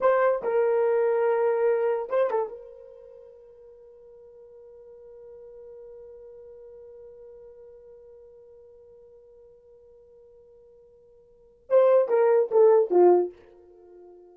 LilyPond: \new Staff \with { instrumentName = "horn" } { \time 4/4 \tempo 4 = 144 c''4 ais'2.~ | ais'4 c''8 a'8 ais'2~ | ais'1~ | ais'1~ |
ais'1~ | ais'1~ | ais'1 | c''4 ais'4 a'4 f'4 | }